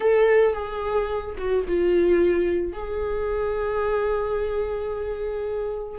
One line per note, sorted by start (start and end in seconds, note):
0.00 0.53 A4
0.53 1.35 G#4
1.37 1.64 F#4
1.67 2.72 F4
2.72 5.98 G#4